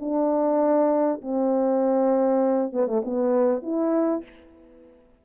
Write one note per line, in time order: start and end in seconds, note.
0.00 1.21 D4
1.22 2.72 C4
2.72 2.87 B3
2.87 3.02 A3
3.05 3.63 B3
3.63 4.23 E4